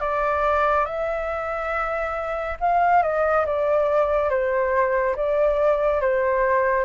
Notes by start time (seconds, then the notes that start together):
0.00 D5
0.85 E5
2.60 F5
3.02 D#5
3.46 D5
4.29 C5
5.15 D5
6.01 C5